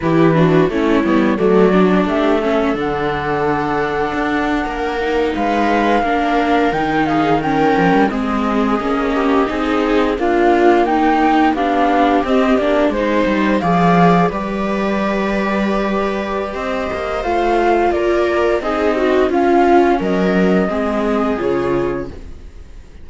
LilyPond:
<<
  \new Staff \with { instrumentName = "flute" } { \time 4/4 \tempo 4 = 87 b'4 cis''4 d''4 e''4 | fis''2.~ fis''8. f''16~ | f''4.~ f''16 g''8 f''8 g''4 dis''16~ | dis''2~ dis''8. f''4 g''16~ |
g''8. f''4 dis''8 d''8 c''4 f''16~ | f''8. d''2.~ d''16 | dis''4 f''4 d''4 dis''4 | f''4 dis''2 cis''4 | }
  \new Staff \with { instrumentName = "viola" } { \time 4/4 g'8 fis'8 e'4 fis'4 g'8 a'8~ | a'2~ a'8. ais'4 b'16~ | b'8. ais'4. gis'8 ais'4 gis'16~ | gis'4~ gis'16 g'8 gis'4 f'4 dis'16~ |
dis'8. g'2 c''4 d''16~ | d''8. b'2.~ b'16 | c''2 ais'4 gis'8 fis'8 | f'4 ais'4 gis'2 | }
  \new Staff \with { instrumentName = "viola" } { \time 4/4 e'8 d'8 cis'8 b8 a8 d'4 cis'8 | d'2.~ d'16 dis'8.~ | dis'8. d'4 dis'4 cis'4 c'16~ | c'8. cis'4 dis'4 ais4~ ais16~ |
ais8. d'4 c'8 d'8 dis'4 gis'16~ | gis'8. g'2.~ g'16~ | g'4 f'2 dis'4 | cis'2 c'4 f'4 | }
  \new Staff \with { instrumentName = "cello" } { \time 4/4 e4 a8 g8 fis4 a4 | d2 d'8. ais4 gis16~ | gis8. ais4 dis4. f16 g16 gis16~ | gis8. ais4 c'4 d'4 dis'16~ |
dis'8. b4 c'8 ais8 gis8 g8 f16~ | f8. g2.~ g16 | c'8 ais8 a4 ais4 c'4 | cis'4 fis4 gis4 cis4 | }
>>